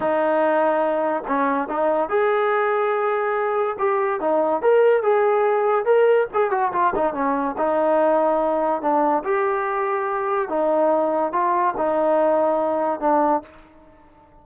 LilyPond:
\new Staff \with { instrumentName = "trombone" } { \time 4/4 \tempo 4 = 143 dis'2. cis'4 | dis'4 gis'2.~ | gis'4 g'4 dis'4 ais'4 | gis'2 ais'4 gis'8 fis'8 |
f'8 dis'8 cis'4 dis'2~ | dis'4 d'4 g'2~ | g'4 dis'2 f'4 | dis'2. d'4 | }